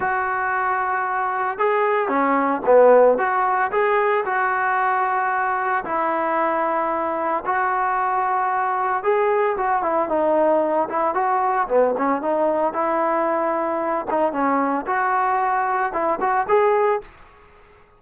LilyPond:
\new Staff \with { instrumentName = "trombone" } { \time 4/4 \tempo 4 = 113 fis'2. gis'4 | cis'4 b4 fis'4 gis'4 | fis'2. e'4~ | e'2 fis'2~ |
fis'4 gis'4 fis'8 e'8 dis'4~ | dis'8 e'8 fis'4 b8 cis'8 dis'4 | e'2~ e'8 dis'8 cis'4 | fis'2 e'8 fis'8 gis'4 | }